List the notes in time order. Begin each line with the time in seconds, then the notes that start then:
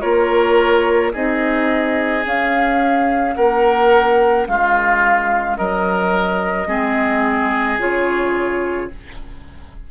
0.00 A#3 F4 A#4 C#5
1.12 C4 D#4 G#4 D#5
2.23 C#4 F5
3.34 A#3 A#4 F#5
4.46 G#3 F4 F5
5.57 F#3 A#4 D#5
6.66 G#3 C4 G#4
7.77 C#3 F4 C#5